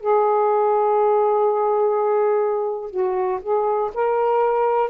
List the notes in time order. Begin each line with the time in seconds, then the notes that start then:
0.00 G#4
2.91 F#4
3.42 G#4
3.94 A#4